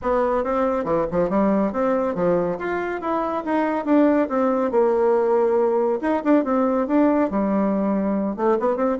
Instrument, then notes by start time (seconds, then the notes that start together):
bassoon
0.02 B3
0.44 C4
0.84 E3
1.11 F3
1.29 G3
1.72 C4
2.14 F3
2.58 F4
3.01 E4
3.45 D#4
3.85 D4
4.29 C4
4.71 A#3
6.01 D#4
6.24 D4
6.44 C4
6.87 D4
7.30 G3
8.36 A3
8.59 B3
8.76 C4